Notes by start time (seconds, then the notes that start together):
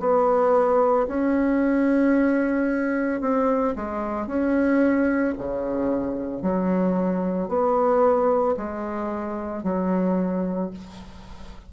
0.00 B3
1.08 C#4
3.21 C4
3.76 G#3
4.27 C#4
5.39 C#3
6.43 F#3
7.49 B3
8.57 G#3
9.64 F#3